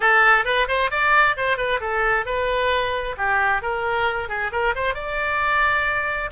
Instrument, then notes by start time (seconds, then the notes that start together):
oboe
0.00 A4
0.44 B4
0.67 C5
0.90 D5
1.36 C5
1.57 B4
1.80 A4
2.25 B4
3.17 G4
3.62 A#4
4.28 G#4
4.51 A#4
4.75 C5
4.94 D5